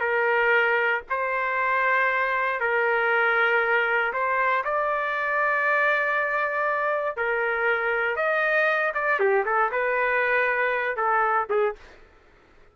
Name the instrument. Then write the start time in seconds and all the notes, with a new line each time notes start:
trumpet
0.00 A#4
1.10 C5
2.60 A#4
4.13 C5
4.64 D5
7.16 A#4
8.16 D#5
8.94 D5
9.19 G4
9.45 A4
9.71 B4
10.96 A4
11.50 G#4